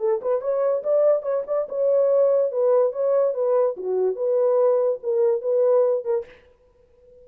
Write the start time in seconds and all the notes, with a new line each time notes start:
0.00 A4
0.22 B4
0.41 C#5
0.84 D5
1.23 C#5
1.47 D5
1.69 C#5
2.52 B4
2.93 C#5
3.34 B4
3.77 F#4
4.16 B4
5.03 A#4
5.42 B4
6.05 A#4